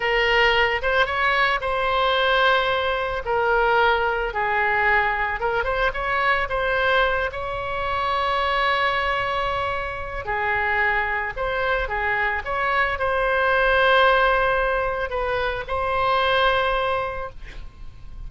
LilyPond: \new Staff \with { instrumentName = "oboe" } { \time 4/4 \tempo 4 = 111 ais'4. c''8 cis''4 c''4~ | c''2 ais'2 | gis'2 ais'8 c''8 cis''4 | c''4. cis''2~ cis''8~ |
cis''2. gis'4~ | gis'4 c''4 gis'4 cis''4 | c''1 | b'4 c''2. | }